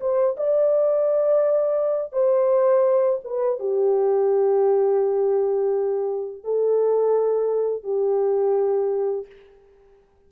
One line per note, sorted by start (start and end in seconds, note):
0.00 0.36 C5
0.37 2.13 D5
2.13 3.20 C5
3.24 3.59 B4
3.59 6.44 G4
6.44 7.83 A4
7.83 9.26 G4